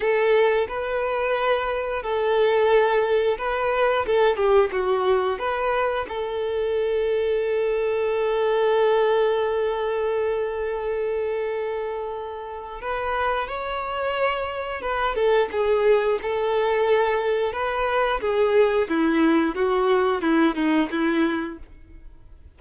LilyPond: \new Staff \with { instrumentName = "violin" } { \time 4/4 \tempo 4 = 89 a'4 b'2 a'4~ | a'4 b'4 a'8 g'8 fis'4 | b'4 a'2.~ | a'1~ |
a'2. b'4 | cis''2 b'8 a'8 gis'4 | a'2 b'4 gis'4 | e'4 fis'4 e'8 dis'8 e'4 | }